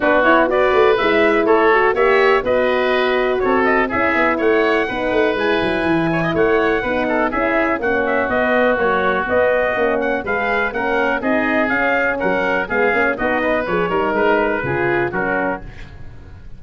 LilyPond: <<
  \new Staff \with { instrumentName = "trumpet" } { \time 4/4 \tempo 4 = 123 b'8 cis''8 d''4 e''4 cis''4 | e''4 dis''2 cis''8 dis''8 | e''4 fis''2 gis''4~ | gis''4 fis''2 e''4 |
fis''8 e''8 dis''4 cis''4 dis''4~ | dis''8 fis''8 f''4 fis''4 dis''4 | f''4 fis''4 f''4 dis''4 | cis''4 b'2 ais'4 | }
  \new Staff \with { instrumentName = "oboe" } { \time 4/4 fis'4 b'2 a'4 | cis''4 b'2 a'4 | gis'4 cis''4 b'2~ | b'8 cis''16 dis''16 cis''4 b'8 a'8 gis'4 |
fis'1~ | fis'4 b'4 ais'4 gis'4~ | gis'4 ais'4 gis'4 fis'8 b'8~ | b'8 ais'4. gis'4 fis'4 | }
  \new Staff \with { instrumentName = "horn" } { \time 4/4 d'8 e'8 fis'4 e'4. fis'8 | g'4 fis'2. | e'2 dis'4 e'4~ | e'2 dis'4 e'4 |
cis'4 b4 fis4 b4 | cis'4 gis'4 cis'4 dis'4 | cis'2 b8 cis'8 dis'4 | gis'8 dis'4. f'4 cis'4 | }
  \new Staff \with { instrumentName = "tuba" } { \time 4/4 b4. a8 gis4 a4 | ais4 b2 c'4 | cis'8 b8 a4 b8 a8 gis8 fis8 | e4 a4 b4 cis'4 |
ais4 b4 ais4 b4 | ais4 gis4 ais4 c'4 | cis'4 fis4 gis8 ais8 b4 | f8 g8 gis4 cis4 fis4 | }
>>